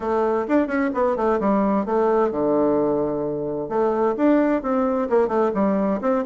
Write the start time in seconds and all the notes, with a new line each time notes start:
0.00 A3
0.48 D4
0.67 C#4
0.94 B3
1.16 A3
1.40 G3
1.85 A3
2.31 D3
3.69 A3
4.16 D4
4.62 C4
5.09 A#3
5.28 A3
5.54 G3
6.01 C4